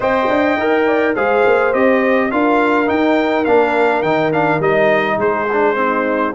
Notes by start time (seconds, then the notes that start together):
0.00 C4 C5 D#5 G5
0.29 D4
0.57 D#4 A#4
0.86 D5
1.15 G#3 G#4 C5 F5
1.45 A#3
1.73 C4 G4 D#5
2.31 D4 F4 A#4 F5
2.86 D#4 G5
3.44 A#3 D4 F5
4.02 D#3 D#4 G5
4.32 D4 F5
4.59 G3 D#4 D#5
5.17 G#3 G#4 C5
5.52 D4
5.75 C4 D#4